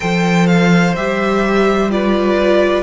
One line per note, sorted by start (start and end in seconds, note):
0.00 0.95 F3
0.00 0.93 A4
0.00 1.91 C5
0.00 0.46 G5
0.46 0.94 F5
0.95 2.83 G3
0.95 1.89 G4
0.95 1.90 E5
1.89 2.83 F4
1.89 2.83 B4
1.89 2.83 D5